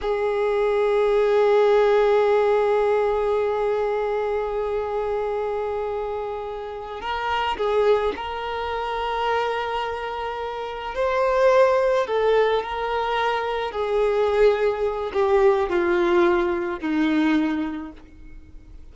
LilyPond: \new Staff \with { instrumentName = "violin" } { \time 4/4 \tempo 4 = 107 gis'1~ | gis'1~ | gis'1~ | gis'8 ais'4 gis'4 ais'4.~ |
ais'2.~ ais'8 c''8~ | c''4. a'4 ais'4.~ | ais'8 gis'2~ gis'8 g'4 | f'2 dis'2 | }